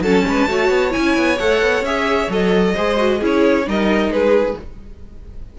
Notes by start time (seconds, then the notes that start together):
0.00 F#3 C#4 A4 A5
0.26 G#3 B4
0.48 A3 F#4 C#5
0.69 B3
0.90 E4 G#5
0.96 C#4
1.17 B3
1.39 A3 A4 F#5
1.61 B3
1.81 C#4 G#4 E5
2.29 F#3 A4 D#5
2.74 G#3 G#4 C5
2.97 F#4
3.18 C#4 E4 G#4
3.25 C#5
3.64 G3 D#4 A#4 D#5
4.08 G#3 G#4 B4